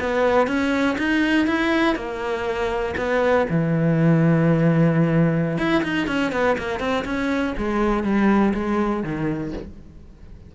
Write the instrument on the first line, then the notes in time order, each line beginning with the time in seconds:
cello
0.00 B3
0.47 C#4
0.98 D#4
1.47 E4
1.96 A#3
2.97 B3
3.50 E3
5.58 E4
5.83 D#4
6.07 C#4
6.32 B3
6.58 A#3
6.80 C4
7.05 C#4
7.58 G#3
8.04 G3
8.54 G#3
9.03 D#3